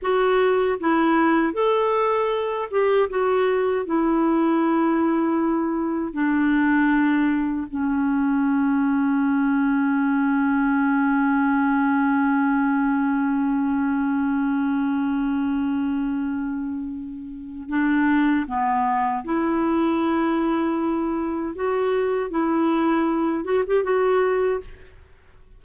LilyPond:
\new Staff \with { instrumentName = "clarinet" } { \time 4/4 \tempo 4 = 78 fis'4 e'4 a'4. g'8 | fis'4 e'2. | d'2 cis'2~ | cis'1~ |
cis'1~ | cis'2. d'4 | b4 e'2. | fis'4 e'4. fis'16 g'16 fis'4 | }